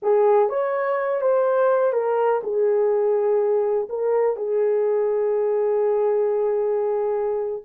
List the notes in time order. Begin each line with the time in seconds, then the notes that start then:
0.02 G#4
0.49 C#5
1.21 C5
1.92 A#4
2.43 G#4
3.89 A#4
4.36 G#4